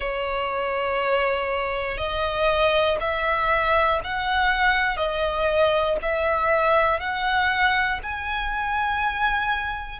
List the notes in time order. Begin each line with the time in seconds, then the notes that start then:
0.00 C#5
1.97 D#5
3.00 E5
4.04 F#5
4.96 D#5
6.02 E5
7.00 F#5
8.03 G#5